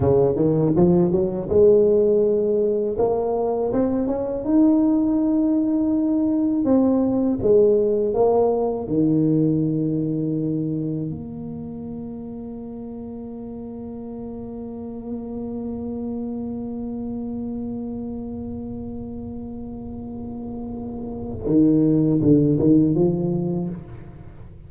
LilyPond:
\new Staff \with { instrumentName = "tuba" } { \time 4/4 \tempo 4 = 81 cis8 dis8 f8 fis8 gis2 | ais4 c'8 cis'8 dis'2~ | dis'4 c'4 gis4 ais4 | dis2. ais4~ |
ais1~ | ais1~ | ais1~ | ais4 dis4 d8 dis8 f4 | }